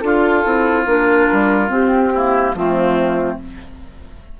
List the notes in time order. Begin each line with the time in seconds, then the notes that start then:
0.00 D4 F4 A4
0.43 C4 E4
0.85 A#3 D4 A#4
1.32 G3
1.67 C4 G4
2.14 A#3 E4
2.54 F3 A3 C4 F4